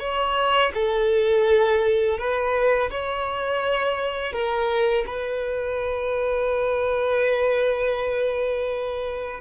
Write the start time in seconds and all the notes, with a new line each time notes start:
0.00 C#5
0.74 A4
2.18 B4
2.90 C#5
4.32 A#4
5.07 B4